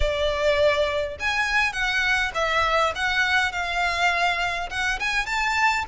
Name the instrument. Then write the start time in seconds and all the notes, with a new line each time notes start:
violin
0.00 D5
1.19 G#5
1.72 F#5
2.34 E5
2.95 F#5
3.51 F5
4.70 F#5
4.99 G#5
5.26 A5